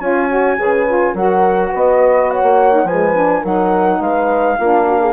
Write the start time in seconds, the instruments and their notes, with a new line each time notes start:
0.00 bassoon C#4, saxophone F4, horn C#5, flute G#5
0.29 saxophone F#4
0.57 bassoon C#3, saxophone G#4, horn B4
0.87 saxophone F4
1.13 bassoon F#3, saxophone F#4, horn A#4, flute F#5
1.70 bassoon B3, horn B4, flute D#5
2.30 horn C#5, flute F#5
2.42 bassoon A#3
2.71 saxophone D#4
2.84 bassoon F3, saxophone G#3, horn B4, flute G#5
3.16 saxophone D4
3.42 bassoon F#3, saxophone D#4, horn A#4, flute F#5
4.00 bassoon G#3, horn B4, flute F5
4.59 bassoon A#3, saxophone D4, horn F4
4.86 horn F#4
5.01 horn G#4